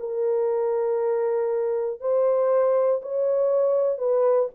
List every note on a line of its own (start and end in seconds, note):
0.00 2.01 A#4
2.01 3.02 C5
3.02 3.99 C#5
3.99 4.49 B4